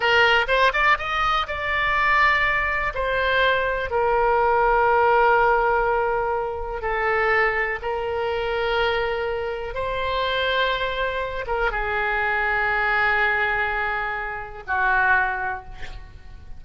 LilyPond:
\new Staff \with { instrumentName = "oboe" } { \time 4/4 \tempo 4 = 123 ais'4 c''8 d''8 dis''4 d''4~ | d''2 c''2 | ais'1~ | ais'2 a'2 |
ais'1 | c''2.~ c''8 ais'8 | gis'1~ | gis'2 fis'2 | }